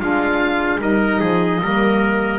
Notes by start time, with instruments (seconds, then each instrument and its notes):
0.00 double bass G#3, saxophone D4, trumpet F4, oboe F5
0.80 double bass G3, saxophone D#4, trumpet A#4, oboe D#5
1.20 double bass F3, trumpet G#4
1.61 double bass G3, saxophone A#3, trumpet A#4